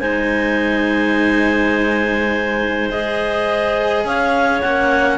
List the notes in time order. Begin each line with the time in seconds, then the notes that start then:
0.00 G#3 D#4 C5 G#5
2.90 G#4 D#5
4.05 C#4 C#5 F5
4.62 A#3 C#4 F#5